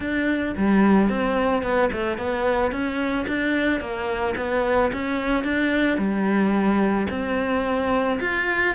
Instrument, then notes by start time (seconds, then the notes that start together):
cello
0.00 D4
0.56 G3
1.09 C4
1.62 B3
1.92 A3
2.17 B3
2.71 C#4
3.27 D4
3.80 A#3
4.37 B3
4.92 C#4
5.44 D4
5.98 G3
7.10 C4
8.20 F4